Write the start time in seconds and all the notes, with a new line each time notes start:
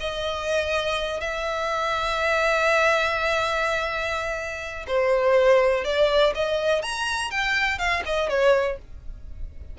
0.00 D#5
1.20 E5
4.87 C5
5.85 D5
6.35 D#5
6.82 A#5
7.31 G5
7.79 F5
8.06 D#5
8.29 C#5